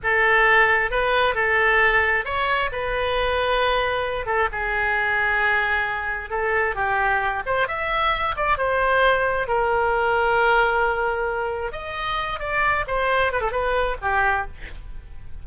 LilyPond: \new Staff \with { instrumentName = "oboe" } { \time 4/4 \tempo 4 = 133 a'2 b'4 a'4~ | a'4 cis''4 b'2~ | b'4. a'8 gis'2~ | gis'2 a'4 g'4~ |
g'8 c''8 e''4. d''8 c''4~ | c''4 ais'2.~ | ais'2 dis''4. d''8~ | d''8 c''4 b'16 a'16 b'4 g'4 | }